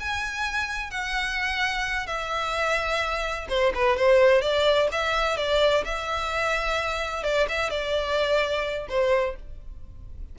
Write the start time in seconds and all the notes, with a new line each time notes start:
0.00 G#5
0.91 F#5
2.06 E5
3.49 C5
3.75 B4
3.97 C5
4.41 D5
4.92 E5
5.37 D5
5.85 E5
7.24 D5
7.49 E5
7.70 D5
8.89 C5